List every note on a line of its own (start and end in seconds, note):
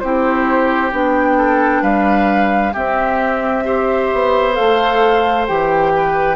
0.00 0.92 C4
0.00 0.91 E4
0.00 1.38 G4
0.00 0.91 C5
0.91 1.82 B3
0.91 2.73 D4
0.91 1.83 G5
1.38 1.82 A4
1.82 2.73 G3
1.82 2.73 B4
1.82 2.74 F5
2.73 3.64 C4
2.73 4.13 C4
2.73 3.64 G4
2.73 4.55 E5
3.64 4.53 G4
3.64 5.93 C5
4.13 4.59 B3
4.53 5.49 A3
4.53 5.44 A4
4.53 5.46 F5
5.47 6.36 E3
5.47 6.36 G4
5.47 6.36 G5
5.96 6.36 B4